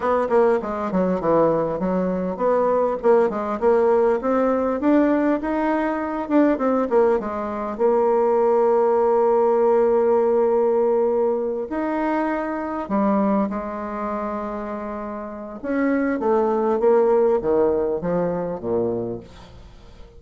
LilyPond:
\new Staff \with { instrumentName = "bassoon" } { \time 4/4 \tempo 4 = 100 b8 ais8 gis8 fis8 e4 fis4 | b4 ais8 gis8 ais4 c'4 | d'4 dis'4. d'8 c'8 ais8 | gis4 ais2.~ |
ais2.~ ais8 dis'8~ | dis'4. g4 gis4.~ | gis2 cis'4 a4 | ais4 dis4 f4 ais,4 | }